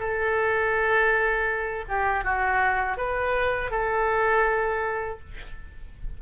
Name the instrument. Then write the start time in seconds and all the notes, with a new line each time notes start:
oboe
0.00 A4
1.89 G4
2.25 F#4
2.97 B4
3.71 A4